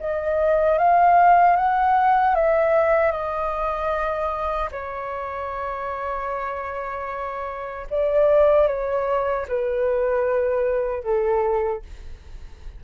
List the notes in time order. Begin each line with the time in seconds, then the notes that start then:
0.00 D#5
0.79 F5
1.56 F#5
2.35 E5
3.12 D#5
4.72 C#5
7.91 D5
8.68 C#5
9.48 B4
11.03 A4